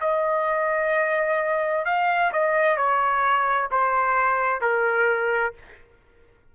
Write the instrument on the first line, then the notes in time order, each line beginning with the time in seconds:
trumpet
0.00 D#5
1.85 F5
2.32 D#5
2.77 C#5
3.71 C5
4.61 A#4